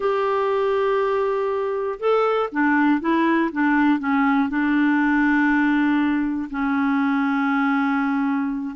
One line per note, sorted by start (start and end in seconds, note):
0.00 1.99 G4
1.99 2.49 A4
2.51 3.00 D4
3.00 3.50 E4
3.52 3.99 D4
3.99 4.49 C#4
4.49 6.49 D4
6.50 8.75 C#4